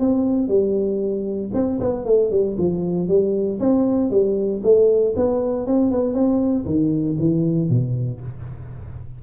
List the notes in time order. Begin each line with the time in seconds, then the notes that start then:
0.00 C4
0.48 G3
1.54 C4
1.80 B3
2.05 A3
2.31 G3
2.58 F3
3.08 G3
3.60 C4
4.11 G3
4.63 A3
5.16 B3
5.67 C4
5.92 B3
6.14 C4
6.66 D#3
7.19 E3
7.69 B2